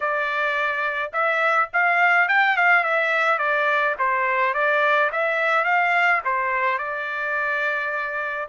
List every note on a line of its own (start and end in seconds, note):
0.00 1.11 D5
1.12 1.69 E5
1.73 2.28 F5
2.28 2.56 G5
2.56 2.83 F5
2.83 3.38 E5
3.38 3.95 D5
3.99 4.54 C5
4.54 5.10 D5
5.12 5.64 E5
5.64 6.21 F5
6.24 6.78 C5
6.78 8.48 D5